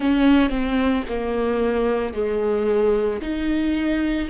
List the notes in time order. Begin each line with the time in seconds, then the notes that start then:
0.00 C#4
0.49 C4
1.08 A#3
2.13 G#3
3.21 D#4